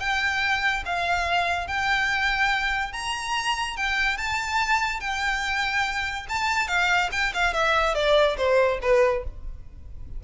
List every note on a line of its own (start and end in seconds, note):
0.00 0.84 G5
0.86 1.68 F5
1.68 2.93 G5
2.93 3.77 A#5
3.77 4.17 G5
4.17 5.00 A5
5.00 6.26 G5
6.29 6.68 A5
6.68 7.10 F5
7.12 7.33 G5
7.34 7.54 F5
7.54 7.95 E5
7.95 8.37 D5
8.38 8.80 C5
8.82 9.24 B4